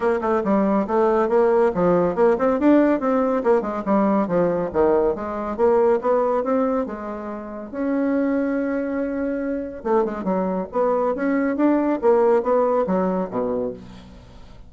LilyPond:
\new Staff \with { instrumentName = "bassoon" } { \time 4/4 \tempo 4 = 140 ais8 a8 g4 a4 ais4 | f4 ais8 c'8 d'4 c'4 | ais8 gis8 g4 f4 dis4 | gis4 ais4 b4 c'4 |
gis2 cis'2~ | cis'2. a8 gis8 | fis4 b4 cis'4 d'4 | ais4 b4 fis4 b,4 | }